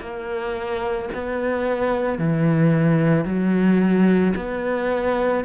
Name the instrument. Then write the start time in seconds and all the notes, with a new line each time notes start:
cello
0.00 A#3
1.14 B3
2.18 E3
3.25 F#3
4.36 B3